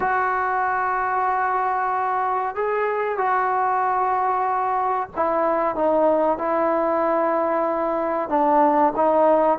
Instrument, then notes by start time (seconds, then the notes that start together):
trombone
0.00 F#4
2.55 G#4
3.17 F#4
5.16 E4
5.75 D#4
6.37 E4
8.29 D4
8.96 D#4